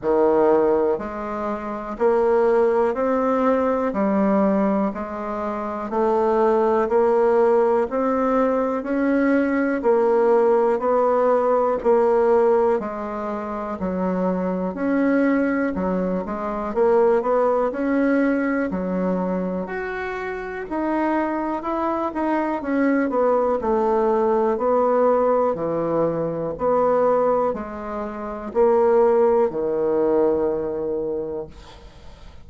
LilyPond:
\new Staff \with { instrumentName = "bassoon" } { \time 4/4 \tempo 4 = 61 dis4 gis4 ais4 c'4 | g4 gis4 a4 ais4 | c'4 cis'4 ais4 b4 | ais4 gis4 fis4 cis'4 |
fis8 gis8 ais8 b8 cis'4 fis4 | fis'4 dis'4 e'8 dis'8 cis'8 b8 | a4 b4 e4 b4 | gis4 ais4 dis2 | }